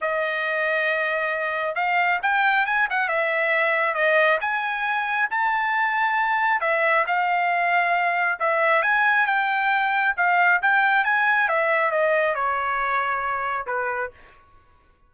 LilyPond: \new Staff \with { instrumentName = "trumpet" } { \time 4/4 \tempo 4 = 136 dis''1 | f''4 g''4 gis''8 fis''8 e''4~ | e''4 dis''4 gis''2 | a''2. e''4 |
f''2. e''4 | gis''4 g''2 f''4 | g''4 gis''4 e''4 dis''4 | cis''2. b'4 | }